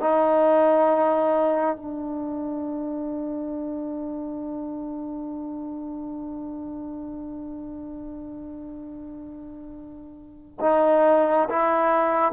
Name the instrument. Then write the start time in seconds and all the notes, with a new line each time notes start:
trombone
0.00 D#4
1.76 D4
10.60 D#4
11.49 E4